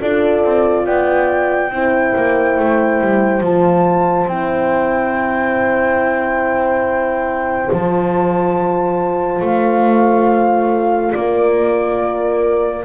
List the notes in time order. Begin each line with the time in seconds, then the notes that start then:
0.00 D4 F4 A4 D5
0.44 C4
0.85 B3 D5 G5
1.71 C4 E4 C5
2.17 A#3
2.59 A3
3.02 G3
3.41 F3 F4 A5
4.27 C4 E4 G5
7.72 F3 F4 A5
9.42 A3 F5
11.13 A#3 A#4 D5